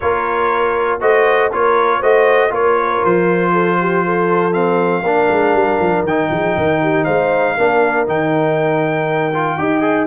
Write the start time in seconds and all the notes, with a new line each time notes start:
0.00 A#3 F4 A#4 C#5
1.00 A3 F#4 C5 D#5
1.51 A#3 F4 A#4 C#5
1.99 A3 F#4 C5 D#5
2.49 A#3 F4 A#4 C#5
3.04 F3 C5
3.52 A4
3.79 G4
4.04 A4
4.52 C4 F5
5.03 A#3 D4 A#4
5.30 G#3
5.53 G3
5.79 F3
6.03 D#3 D#4 G5
6.30 F3 G#4
6.55 D#3 A#4
6.82 G4
7.04 G#3 C5 F5
7.57 A#3 D4 A#4
8.07 D#3 D#4 G5
9.34 F4
9.58 D#4 G4 D#5
9.81 G#4